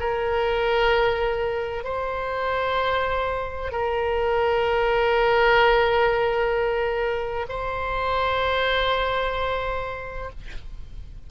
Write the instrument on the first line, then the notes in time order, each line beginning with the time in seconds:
oboe
0.00 A#4
1.85 C5
3.72 A#4
7.49 C5